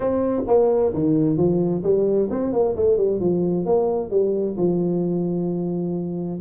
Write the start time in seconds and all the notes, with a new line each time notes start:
0.00 C4
0.47 A#3
0.93 D#3
1.37 F3
1.83 G3
2.30 C4
2.52 A#3
2.76 A3
2.97 G3
3.19 F3
3.65 A#3
4.10 G3
4.57 F3